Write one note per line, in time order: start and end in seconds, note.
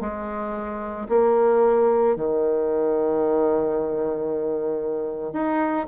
0.00 1.07 G#3
1.08 2.15 A#3
2.16 5.33 D#3
5.33 5.86 D#4